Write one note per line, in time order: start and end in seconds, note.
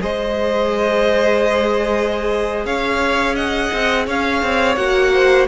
0.00 2.65 G#3
0.00 4.76 G#4
0.00 2.66 C5
0.00 2.66 D#5
2.65 3.71 C#4
2.65 3.35 C#5
2.65 3.36 F5
3.35 4.06 D#5
3.35 4.07 F#5
3.73 4.07 C4
4.06 4.43 C#4
4.06 5.12 C#5
4.06 4.76 F5
4.43 4.76 C4
4.76 5.47 A#3
4.76 5.48 F#4
4.76 5.46 F#5
5.14 5.48 C5